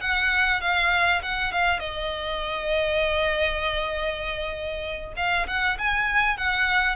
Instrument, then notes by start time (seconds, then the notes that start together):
violin
0.00 F#5
0.61 F5
1.22 F#5
1.52 F5
1.80 D#5
5.16 F5
5.47 F#5
5.78 G#5
6.37 F#5